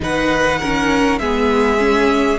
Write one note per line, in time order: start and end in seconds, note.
0.00 1.19 D#3
0.00 0.60 D#4
0.00 0.58 B4
0.00 1.19 F#5
0.58 1.20 C#4
0.58 1.19 A#4
1.19 2.39 G#3
1.19 1.78 B3
1.19 2.39 G#4
1.19 2.39 E5
1.78 2.38 C#4